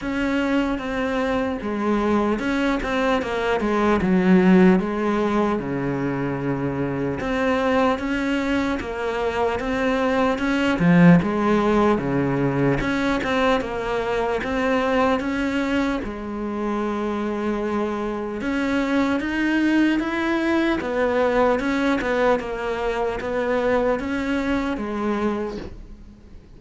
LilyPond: \new Staff \with { instrumentName = "cello" } { \time 4/4 \tempo 4 = 75 cis'4 c'4 gis4 cis'8 c'8 | ais8 gis8 fis4 gis4 cis4~ | cis4 c'4 cis'4 ais4 | c'4 cis'8 f8 gis4 cis4 |
cis'8 c'8 ais4 c'4 cis'4 | gis2. cis'4 | dis'4 e'4 b4 cis'8 b8 | ais4 b4 cis'4 gis4 | }